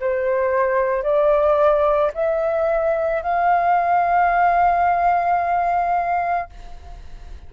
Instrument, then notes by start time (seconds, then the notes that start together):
flute
0.00 C5
1.03 D5
2.14 E5
3.23 F5